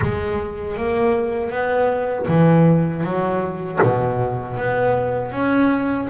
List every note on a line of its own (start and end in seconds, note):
0.02 0.77 G#3
0.77 1.50 A#3
1.50 2.26 B3
2.28 3.03 E3
3.03 3.79 F#3
3.82 4.57 B2
4.57 5.31 B3
5.31 6.07 C#4